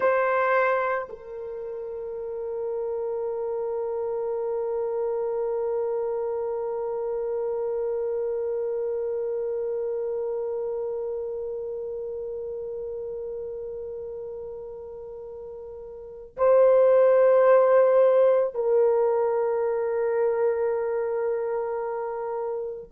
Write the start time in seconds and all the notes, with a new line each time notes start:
0.00 C5
1.09 A#4
16.36 C5
18.54 A#4